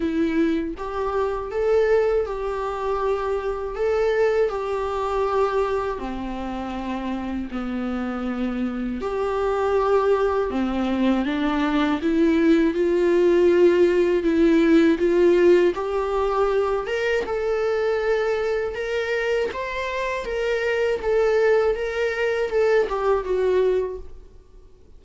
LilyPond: \new Staff \with { instrumentName = "viola" } { \time 4/4 \tempo 4 = 80 e'4 g'4 a'4 g'4~ | g'4 a'4 g'2 | c'2 b2 | g'2 c'4 d'4 |
e'4 f'2 e'4 | f'4 g'4. ais'8 a'4~ | a'4 ais'4 c''4 ais'4 | a'4 ais'4 a'8 g'8 fis'4 | }